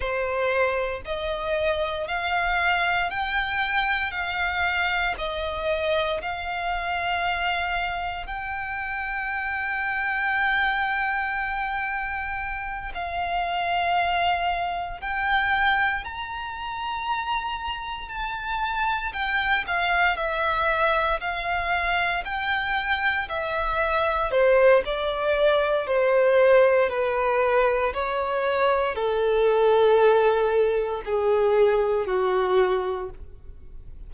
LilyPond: \new Staff \with { instrumentName = "violin" } { \time 4/4 \tempo 4 = 58 c''4 dis''4 f''4 g''4 | f''4 dis''4 f''2 | g''1~ | g''8 f''2 g''4 ais''8~ |
ais''4. a''4 g''8 f''8 e''8~ | e''8 f''4 g''4 e''4 c''8 | d''4 c''4 b'4 cis''4 | a'2 gis'4 fis'4 | }